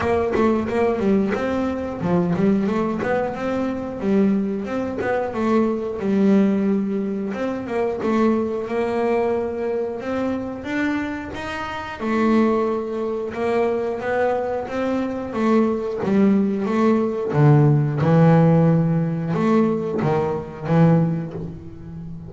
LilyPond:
\new Staff \with { instrumentName = "double bass" } { \time 4/4 \tempo 4 = 90 ais8 a8 ais8 g8 c'4 f8 g8 | a8 b8 c'4 g4 c'8 b8 | a4 g2 c'8 ais8 | a4 ais2 c'4 |
d'4 dis'4 a2 | ais4 b4 c'4 a4 | g4 a4 d4 e4~ | e4 a4 dis4 e4 | }